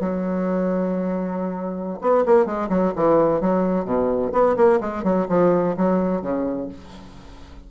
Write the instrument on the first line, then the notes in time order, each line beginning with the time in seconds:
bassoon
0.00 F#3
2.01 B3
2.26 A#3
2.45 G#3
2.69 F#3
2.96 E3
3.41 F#3
3.85 B2
4.33 B3
4.56 A#3
4.80 G#3
5.03 F#3
5.29 F3
5.77 F#3
6.22 C#3